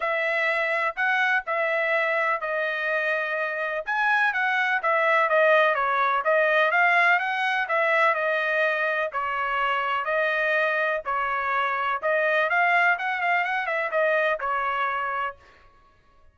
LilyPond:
\new Staff \with { instrumentName = "trumpet" } { \time 4/4 \tempo 4 = 125 e''2 fis''4 e''4~ | e''4 dis''2. | gis''4 fis''4 e''4 dis''4 | cis''4 dis''4 f''4 fis''4 |
e''4 dis''2 cis''4~ | cis''4 dis''2 cis''4~ | cis''4 dis''4 f''4 fis''8 f''8 | fis''8 e''8 dis''4 cis''2 | }